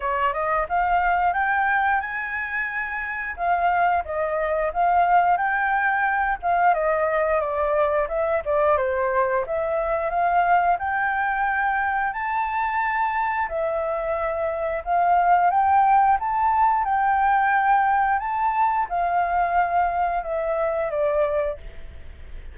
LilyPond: \new Staff \with { instrumentName = "flute" } { \time 4/4 \tempo 4 = 89 cis''8 dis''8 f''4 g''4 gis''4~ | gis''4 f''4 dis''4 f''4 | g''4. f''8 dis''4 d''4 | e''8 d''8 c''4 e''4 f''4 |
g''2 a''2 | e''2 f''4 g''4 | a''4 g''2 a''4 | f''2 e''4 d''4 | }